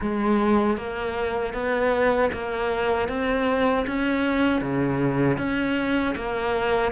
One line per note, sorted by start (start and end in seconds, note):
0.00 0.77 G#3
0.77 1.53 A#3
1.53 2.30 B3
2.33 3.08 A#3
3.08 3.85 C4
3.86 4.61 C#4
4.61 5.37 C#3
5.37 6.14 C#4
6.15 6.92 A#3